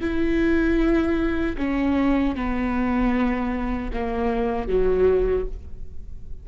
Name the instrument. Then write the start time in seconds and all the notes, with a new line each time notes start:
viola
0.00 E4
1.57 C#4
2.35 B3
3.93 A#3
4.67 F#3